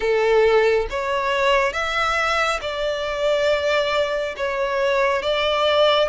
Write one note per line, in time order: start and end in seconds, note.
0.00 0.87 A4
0.89 1.72 C#5
1.72 2.59 E5
2.61 4.35 D5
4.36 5.22 C#5
5.22 6.08 D5